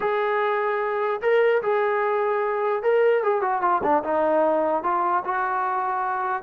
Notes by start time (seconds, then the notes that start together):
0.00 G#4
1.21 A#4
1.62 G#4
2.83 A#4
3.23 G#4
3.41 F#4
3.61 F4
3.83 D4
4.03 D#4
4.83 F4
5.24 F#4